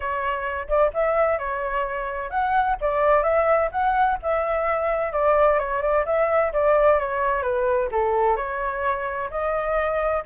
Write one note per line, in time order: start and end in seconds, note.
0.00 0.67 C#5
0.68 0.91 D5
0.93 1.38 E5
1.38 2.30 C#5
2.30 2.76 F#5
2.80 3.23 D5
3.23 3.69 E5
3.71 4.18 F#5
4.22 5.12 E5
5.12 5.58 D5
5.58 5.81 C#5
5.82 6.05 D5
6.05 6.52 E5
6.52 6.99 D5
6.99 7.42 C#5
7.42 7.88 B4
7.91 8.36 A4
8.36 9.29 C#5
9.30 10.23 D#5